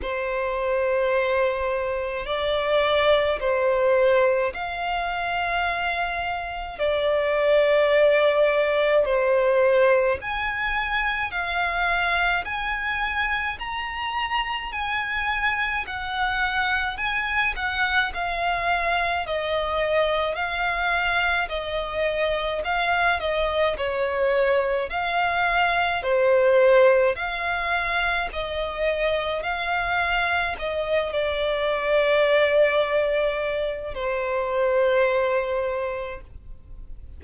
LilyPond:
\new Staff \with { instrumentName = "violin" } { \time 4/4 \tempo 4 = 53 c''2 d''4 c''4 | f''2 d''2 | c''4 gis''4 f''4 gis''4 | ais''4 gis''4 fis''4 gis''8 fis''8 |
f''4 dis''4 f''4 dis''4 | f''8 dis''8 cis''4 f''4 c''4 | f''4 dis''4 f''4 dis''8 d''8~ | d''2 c''2 | }